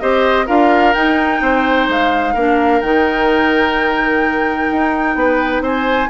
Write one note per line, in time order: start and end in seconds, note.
0.00 0.48 C4
0.00 0.47 G4
0.00 0.46 C5
0.00 0.47 D#5
0.46 0.95 D4
0.46 0.94 F4
0.46 1.40 A#4
0.46 0.94 F5
0.94 2.36 D#4
0.94 1.41 D#4
0.94 1.88 G5
1.41 1.88 C4
1.41 2.34 C5
1.88 2.35 G#3
1.88 2.81 F5
2.34 2.82 A#3
2.34 2.83 D4
2.34 5.15 A#4
2.81 4.70 D#3
2.81 6.10 D#4
2.81 5.63 G5
4.72 5.15 D#4
5.15 5.61 B3
5.15 5.63 B4
5.61 6.08 C4
5.61 6.10 C5
5.61 6.10 G#5